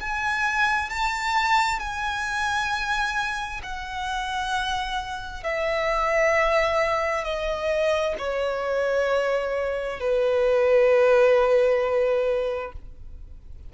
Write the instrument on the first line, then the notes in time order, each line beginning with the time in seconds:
violin
0.00 G#5
0.90 A5
1.79 G#5
3.63 F#5
5.43 E5
7.24 D#5
8.18 C#5
10.00 B4